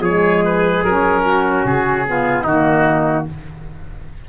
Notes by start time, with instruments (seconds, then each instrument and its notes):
0.00 tuba F3, saxophone G#3, trumpet G#4, oboe C#5
0.45 oboe B4
0.84 tuba F#3, saxophone C#4, oboe A#4
1.26 trumpet F#4
1.65 tuba C#3, oboe G#4
2.07 saxophone B3, trumpet F4
2.44 tuba D#3, saxophone A#3, trumpet D#4, oboe F#4